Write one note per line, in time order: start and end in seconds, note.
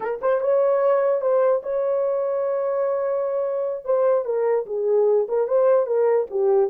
0.00 0.20 A#4
0.21 0.40 C5
0.40 1.21 C#5
1.21 1.61 C5
1.62 3.84 C#5
3.84 4.25 C5
4.25 4.65 A#4
4.66 5.27 G#4
5.28 5.47 A#4
5.47 5.86 C5
5.86 6.26 A#4
6.30 6.70 G4